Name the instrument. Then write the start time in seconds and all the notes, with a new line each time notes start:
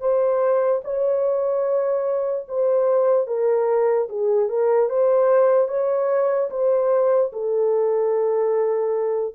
horn
0.00 C5
0.84 C#5
2.48 C5
3.27 A#4
4.09 G#4
4.49 A#4
4.89 C5
5.68 C#5
6.50 C5
7.32 A4